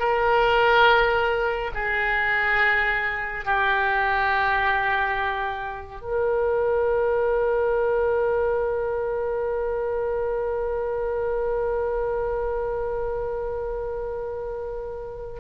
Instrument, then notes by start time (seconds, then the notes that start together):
oboe
0.00 A#4
1.75 G#4
3.46 G4
6.02 A#4